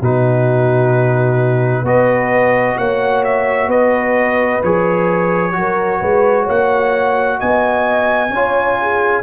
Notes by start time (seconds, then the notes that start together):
0.00 B2 D#4 F#4 B4
1.83 B3 F#4 B4 D#5
2.77 A#3 C#5 F#5
3.24 E5
3.67 B3 B4 D#5
4.63 F3 G#4 C#5
5.52 F#3 F#4 A#4
5.99 G#3 B4
6.44 A#3 C#5 F#5
7.39 B3 D#5 G#5
8.30 C#4 F4 C#5
8.81 G#4